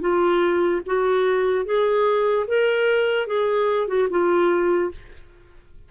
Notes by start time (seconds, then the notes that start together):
0.00 F4
0.86 F#4
1.65 G#4
2.47 A#4
3.27 G#4
3.87 F#4
4.10 F4